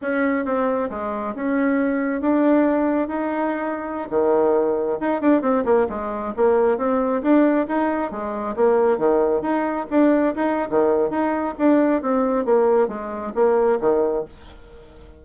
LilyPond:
\new Staff \with { instrumentName = "bassoon" } { \time 4/4 \tempo 4 = 135 cis'4 c'4 gis4 cis'4~ | cis'4 d'2 dis'4~ | dis'4~ dis'16 dis2 dis'8 d'16~ | d'16 c'8 ais8 gis4 ais4 c'8.~ |
c'16 d'4 dis'4 gis4 ais8.~ | ais16 dis4 dis'4 d'4 dis'8. | dis4 dis'4 d'4 c'4 | ais4 gis4 ais4 dis4 | }